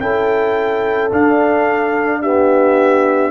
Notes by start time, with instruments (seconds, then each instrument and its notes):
0.00 tuba C#4, trombone E4, horn A4, trumpet G5
1.12 tuba D4, trombone D4, trumpet F5
2.22 trombone B3, horn G4, trumpet E5